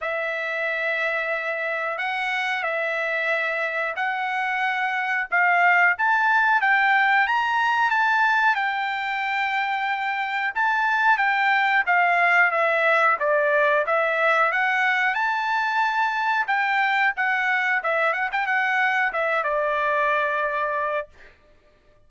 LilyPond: \new Staff \with { instrumentName = "trumpet" } { \time 4/4 \tempo 4 = 91 e''2. fis''4 | e''2 fis''2 | f''4 a''4 g''4 ais''4 | a''4 g''2. |
a''4 g''4 f''4 e''4 | d''4 e''4 fis''4 a''4~ | a''4 g''4 fis''4 e''8 fis''16 g''16 | fis''4 e''8 d''2~ d''8 | }